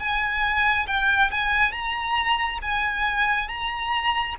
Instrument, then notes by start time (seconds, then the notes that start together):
violin
0.00 G#5
0.87 G5
1.31 G#5
1.72 A#5
2.62 G#5
3.48 A#5